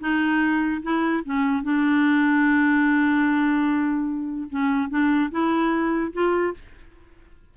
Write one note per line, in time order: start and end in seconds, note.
0.00 0.82 D#4
0.82 1.23 E4
1.25 1.63 C#4
1.63 4.49 D4
4.50 4.89 C#4
4.89 5.30 D4
5.31 6.12 E4
6.13 6.53 F4